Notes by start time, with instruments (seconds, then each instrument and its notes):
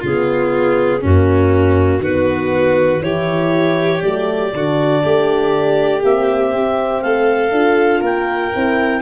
0.00 tuba C#3, violin F4, clarinet G#4
0.06 horn B3
1.00 tuba F#2, horn A#3, violin C#4, clarinet F#4
2.00 tuba D#3, horn B3, violin F#4, clarinet B4
3.01 tuba E3, horn E4, violin G4, clarinet C#5
4.01 tuba F#3, horn A3, clarinet D5
4.53 tuba D3, horn D4, violin F#4
5.03 tuba A3, violin G4
6.03 tuba A#3, horn C4, clarinet E5
6.53 tuba C4
7.02 tuba A3, violin A4, clarinet F5
7.52 tuba D4, horn F4
8.00 tuba A#3, violin A#4, clarinet G5
8.53 tuba C4, horn E4